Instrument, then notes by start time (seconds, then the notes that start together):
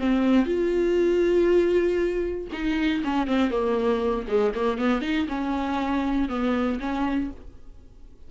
viola
0.00 C4
0.46 F4
2.53 D#4
3.04 C#4
3.27 C4
3.51 A#3
4.28 G#3
4.55 A#3
4.79 B3
5.02 D#4
5.29 C#4
6.29 B3
6.80 C#4